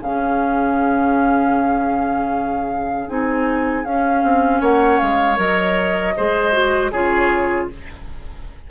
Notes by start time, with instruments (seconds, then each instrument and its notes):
0.00 bassoon C#3, clarinet C#4, oboe G#4, flute F5
3.08 bassoon C4, clarinet D#4, flute G#5
3.84 clarinet C#4, bassoon C#4, flute F5
4.23 bassoon C4
4.60 bassoon A#3, oboe C#5, flute F#5
4.99 bassoon G#3, flute F5
5.36 bassoon F#3, clarinet A#4, flute D#5
6.17 bassoon G#3, clarinet G#4, oboe C5
6.52 clarinet F#4
6.91 bassoon C#3, clarinet F4, oboe G#4, flute C#5